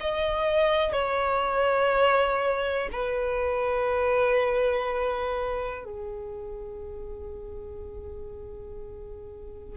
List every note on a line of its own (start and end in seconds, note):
0.00 0.92 D#5
0.92 2.89 C#5
2.92 5.84 B4
5.84 9.77 G#4